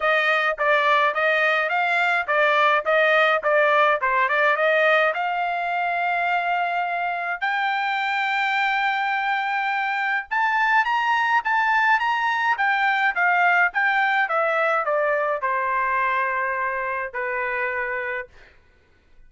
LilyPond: \new Staff \with { instrumentName = "trumpet" } { \time 4/4 \tempo 4 = 105 dis''4 d''4 dis''4 f''4 | d''4 dis''4 d''4 c''8 d''8 | dis''4 f''2.~ | f''4 g''2.~ |
g''2 a''4 ais''4 | a''4 ais''4 g''4 f''4 | g''4 e''4 d''4 c''4~ | c''2 b'2 | }